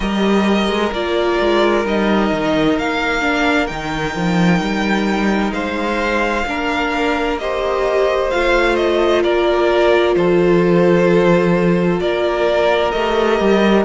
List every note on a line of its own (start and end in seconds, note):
0.00 0.68 G3
0.00 0.92 G4
0.00 5.53 A#4
0.00 0.92 D#5
0.68 0.91 G#3
0.92 1.38 A#3
0.92 1.85 F4
0.92 1.86 D5
1.39 1.84 G#3
1.84 2.30 G3
1.84 3.21 D#4
1.84 2.78 D#5
2.31 2.77 D#3
2.78 3.70 A#3
2.78 3.66 F5
3.21 3.67 D4
3.66 4.15 D#3
3.66 6.45 D#4
3.66 5.51 G5
4.15 4.60 F3
4.60 5.52 G3
5.52 6.44 G#3
5.52 6.45 C5
5.52 7.37 F5
6.45 8.30 A#3
6.45 7.40 D4
6.45 7.41 A#4
7.38 8.32 G4
7.38 9.22 C5
7.38 8.30 D#5
8.30 9.24 A3
8.30 12.93 F4
8.30 8.75 F5
8.75 9.22 D#5
9.22 10.15 A#3
9.22 10.15 A#4
9.22 10.15 D5
10.15 12.00 F3
10.15 12.02 A4
10.15 11.99 C5
12.00 12.93 A#3
12.00 13.85 A#4
12.00 12.91 D5
12.91 13.39 A3
12.91 13.85 G4
12.91 13.83 D#5
13.39 13.85 G3